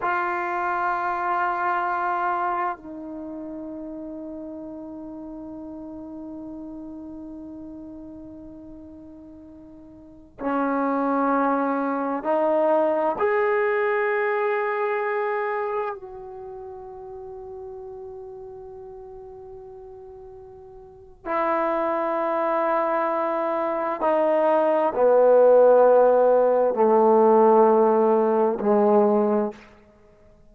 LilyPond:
\new Staff \with { instrumentName = "trombone" } { \time 4/4 \tempo 4 = 65 f'2. dis'4~ | dis'1~ | dis'2.~ dis'16 cis'8.~ | cis'4~ cis'16 dis'4 gis'4.~ gis'16~ |
gis'4~ gis'16 fis'2~ fis'8.~ | fis'2. e'4~ | e'2 dis'4 b4~ | b4 a2 gis4 | }